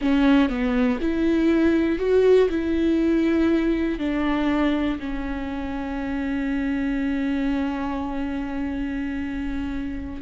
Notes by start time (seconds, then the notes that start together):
0.01 C#4
0.49 B3
1.00 E4
1.99 F#4
2.49 E4
3.98 D4
4.99 C#4